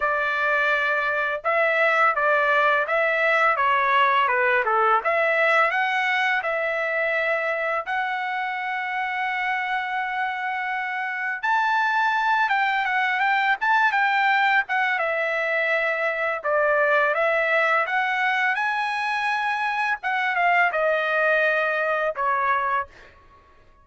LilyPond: \new Staff \with { instrumentName = "trumpet" } { \time 4/4 \tempo 4 = 84 d''2 e''4 d''4 | e''4 cis''4 b'8 a'8 e''4 | fis''4 e''2 fis''4~ | fis''1 |
a''4. g''8 fis''8 g''8 a''8 g''8~ | g''8 fis''8 e''2 d''4 | e''4 fis''4 gis''2 | fis''8 f''8 dis''2 cis''4 | }